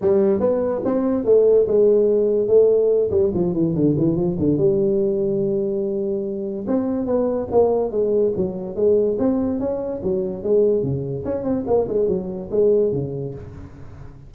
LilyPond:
\new Staff \with { instrumentName = "tuba" } { \time 4/4 \tempo 4 = 144 g4 b4 c'4 a4 | gis2 a4. g8 | f8 e8 d8 e8 f8 d8 g4~ | g1 |
c'4 b4 ais4 gis4 | fis4 gis4 c'4 cis'4 | fis4 gis4 cis4 cis'8 c'8 | ais8 gis8 fis4 gis4 cis4 | }